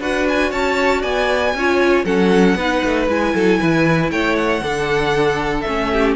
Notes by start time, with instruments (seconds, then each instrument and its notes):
0.00 cello D4, viola F#4, violin B4 F#5
0.29 violin G#5
0.50 cello C#4, violin C#5 A5
1.01 cello B3, violin D5 G#5
1.54 cello C#4, viola F4, violin C#5
2.05 cello F#3, viola C#4, violin A4 F#5
2.55 cello B3, viola D#4, violin B4
2.85 cello A3
3.08 cello G#3, viola E4, violin G#5
3.34 cello F#3, violin A4
3.59 cello E3, violin B4
4.11 cello A3, violin C#5 G5
4.36 violin F#5
4.62 cello D3, viola D4, violin A4
5.61 cello A3, viola C#4, violin E5
5.92 violin G4